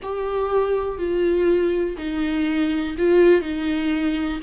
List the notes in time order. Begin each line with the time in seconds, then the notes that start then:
0.02 G4
0.97 F4
1.97 D#4
2.98 F4
3.41 D#4